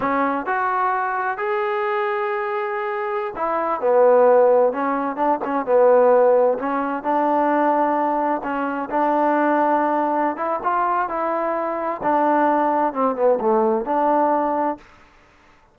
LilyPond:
\new Staff \with { instrumentName = "trombone" } { \time 4/4 \tempo 4 = 130 cis'4 fis'2 gis'4~ | gis'2.~ gis'16 e'8.~ | e'16 b2 cis'4 d'8 cis'16~ | cis'16 b2 cis'4 d'8.~ |
d'2~ d'16 cis'4 d'8.~ | d'2~ d'8 e'8 f'4 | e'2 d'2 | c'8 b8 a4 d'2 | }